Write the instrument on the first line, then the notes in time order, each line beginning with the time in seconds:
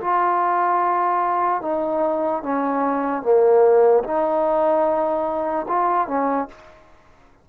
trombone
0.00 F4
1.61 D#4
2.43 C#4
3.22 A#3
4.03 D#4
5.68 F4
6.07 C#4